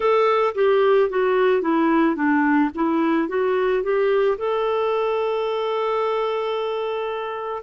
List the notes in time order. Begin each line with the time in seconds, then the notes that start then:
0.00 A4
0.55 G4
1.09 F#4
1.61 E4
2.15 D4
2.74 E4
3.28 F#4
3.83 G4
4.38 A4